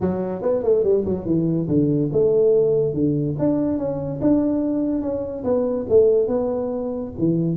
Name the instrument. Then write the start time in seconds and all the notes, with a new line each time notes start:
tuba
0.00 F#3
0.42 B3
0.63 A3
0.83 G3
1.05 F#3
1.25 E3
1.67 D3
2.12 A3
2.93 D3
3.38 D4
3.78 C#4
4.21 D4
5.01 C#4
5.43 B3
5.89 A3
6.27 B3
7.18 E3